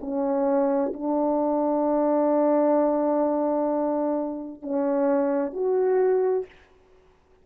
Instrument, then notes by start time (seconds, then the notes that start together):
horn
0.00 C#4
0.93 D4
4.62 C#4
5.53 F#4